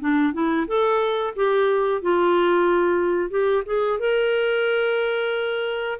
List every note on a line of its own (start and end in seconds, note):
0.00 0.33 D4
0.33 0.67 E4
0.67 1.34 A4
1.36 2.02 G4
2.02 3.30 F4
3.30 3.63 G4
3.66 3.99 G#4
3.99 5.99 A#4